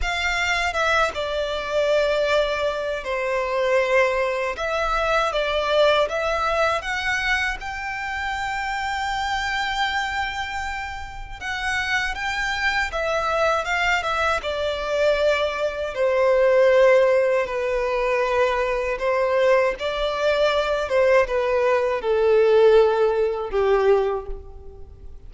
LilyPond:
\new Staff \with { instrumentName = "violin" } { \time 4/4 \tempo 4 = 79 f''4 e''8 d''2~ d''8 | c''2 e''4 d''4 | e''4 fis''4 g''2~ | g''2. fis''4 |
g''4 e''4 f''8 e''8 d''4~ | d''4 c''2 b'4~ | b'4 c''4 d''4. c''8 | b'4 a'2 g'4 | }